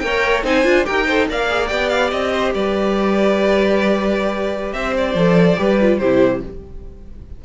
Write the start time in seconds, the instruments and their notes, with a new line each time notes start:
0.00 cello A#3, viola A#4, violin C#5 G5
0.44 cello C4, viola D#4, violin C5 G#5
0.64 cello D4, viola F4
0.85 cello D#4, viola G4, violin A#4 G5
1.07 viola A4, violin C5
1.29 cello A#3, viola A#4, violin D5 F5
1.50 viola G#4
1.68 cello B3, viola G4, violin G5
1.90 violin F5
2.11 cello C4, violin D#5
2.33 violin C5
2.55 cello G3, violin B4 D5
4.73 cello C4, violin C5 E5
4.98 violin D5
5.15 cello F3, viola A4
5.57 cello G3, viola G4, violin B4
5.81 viola F4
5.99 cello C3, viola E4, violin G4 C5